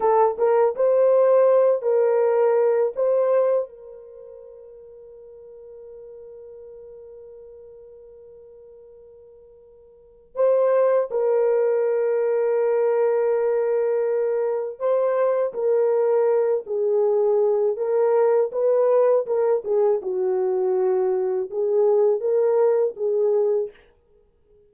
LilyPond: \new Staff \with { instrumentName = "horn" } { \time 4/4 \tempo 4 = 81 a'8 ais'8 c''4. ais'4. | c''4 ais'2.~ | ais'1~ | ais'2 c''4 ais'4~ |
ais'1 | c''4 ais'4. gis'4. | ais'4 b'4 ais'8 gis'8 fis'4~ | fis'4 gis'4 ais'4 gis'4 | }